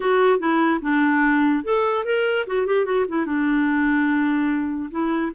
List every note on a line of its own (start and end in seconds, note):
0.00 0.39 F#4
0.39 0.80 E4
0.81 1.63 D4
1.64 2.05 A4
2.05 2.46 A#4
2.46 2.66 F#4
2.66 2.85 G4
2.85 3.05 F#4
3.08 3.25 E4
3.25 4.89 D4
4.91 5.32 E4